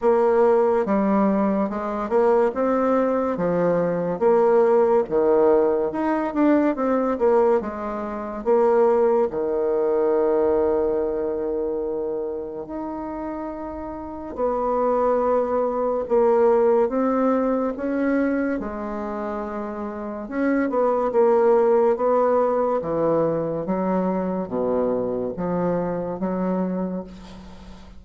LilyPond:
\new Staff \with { instrumentName = "bassoon" } { \time 4/4 \tempo 4 = 71 ais4 g4 gis8 ais8 c'4 | f4 ais4 dis4 dis'8 d'8 | c'8 ais8 gis4 ais4 dis4~ | dis2. dis'4~ |
dis'4 b2 ais4 | c'4 cis'4 gis2 | cis'8 b8 ais4 b4 e4 | fis4 b,4 f4 fis4 | }